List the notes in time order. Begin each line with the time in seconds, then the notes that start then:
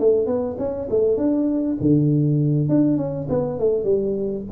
0.00 A3
0.27 B3
0.59 C#4
0.90 A3
1.17 D4
1.81 D3
2.69 D4
2.97 C#4
3.29 B3
3.60 A3
3.84 G3